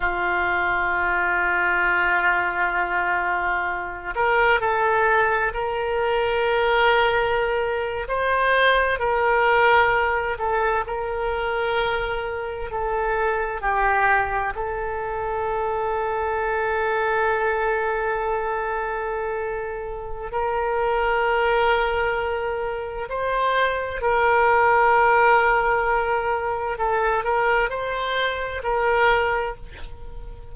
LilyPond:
\new Staff \with { instrumentName = "oboe" } { \time 4/4 \tempo 4 = 65 f'1~ | f'8 ais'8 a'4 ais'2~ | ais'8. c''4 ais'4. a'8 ais'16~ | ais'4.~ ais'16 a'4 g'4 a'16~ |
a'1~ | a'2 ais'2~ | ais'4 c''4 ais'2~ | ais'4 a'8 ais'8 c''4 ais'4 | }